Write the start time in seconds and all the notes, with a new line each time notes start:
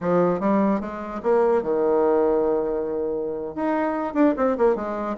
0.00 F3
0.39 G3
0.80 G#3
1.23 A#3
1.62 D#3
3.55 D#4
4.14 D4
4.37 C4
4.57 A#3
4.75 G#3